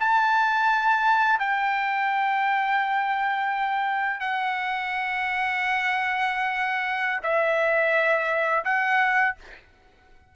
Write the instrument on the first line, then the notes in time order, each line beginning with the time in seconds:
trumpet
0.00 A5
1.39 G5
4.20 F#5
7.23 E5
8.65 F#5